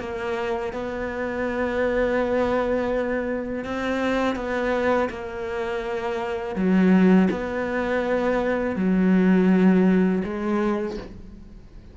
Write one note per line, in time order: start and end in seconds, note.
0.00 0.73 A#3
0.74 3.65 B3
3.65 4.36 C4
4.36 5.09 B3
5.10 6.56 A#3
6.56 7.29 F#3
7.31 8.76 B3
8.76 10.23 F#3
10.24 10.98 G#3